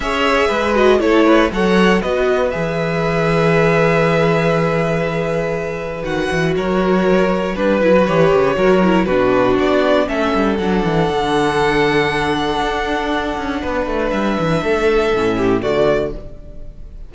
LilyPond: <<
  \new Staff \with { instrumentName = "violin" } { \time 4/4 \tempo 4 = 119 e''4. dis''8 cis''4 fis''4 | dis''4 e''2.~ | e''1 | fis''4 cis''2 b'4 |
cis''2 b'4 d''4 | e''4 fis''2.~ | fis''1 | e''2. d''4 | }
  \new Staff \with { instrumentName = "violin" } { \time 4/4 cis''4 b'4 a'8 b'8 cis''4 | b'1~ | b'1~ | b'4 ais'2 b'4~ |
b'4 ais'4 fis'2 | a'1~ | a'2. b'4~ | b'4 a'4. g'8 fis'4 | }
  \new Staff \with { instrumentName = "viola" } { \time 4/4 gis'4. fis'8 e'4 a'4 | fis'4 gis'2.~ | gis'1 | fis'2. d'8 e'16 fis'16 |
g'4 fis'8 e'8 d'2 | cis'4 d'2.~ | d'1~ | d'2 cis'4 a4 | }
  \new Staff \with { instrumentName = "cello" } { \time 4/4 cis'4 gis4 a4 fis4 | b4 e2.~ | e1 | dis8 e8 fis2 g8 fis8 |
e8 cis8 fis4 b,4 b4 | a8 g8 fis8 e8 d2~ | d4 d'4. cis'8 b8 a8 | g8 e8 a4 a,4 d4 | }
>>